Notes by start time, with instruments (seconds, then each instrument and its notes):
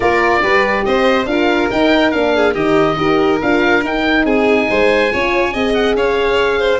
0.00 tuba A#3, horn F4, violin A#4, oboe D5
0.41 tuba G3, horn G4, violin B4
0.84 tuba C4, violin C5, oboe D#5
1.25 tuba D4, horn F4, violin A#4, oboe F5
1.70 horn D#4, tuba D#4, oboe G5
2.11 tuba A#3, horn D4, oboe F5
2.35 violin G#4
2.53 tuba D#3, horn D#4, violin G4, oboe D#5
2.96 tuba D#4, horn G4, violin A#4
3.41 tuba D4, horn F4, oboe F5
3.82 horn D#4, tuba D#4, oboe G5
4.24 tuba C4, violin G#4, oboe G#5
4.69 tuba G#3, violin C5
5.11 tuba C#4, horn F4, violin C#5
5.53 tuba C4, horn G#4, violin D#5
5.74 oboe F#5
5.94 tuba C#4, violin C#5, oboe F5
6.59 violin C5